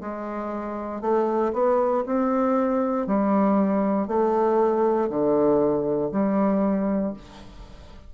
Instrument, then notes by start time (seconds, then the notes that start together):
bassoon
0.00 G#3
1.01 A3
1.53 B3
2.06 C4
3.06 G3
4.07 A3
5.09 D3
6.12 G3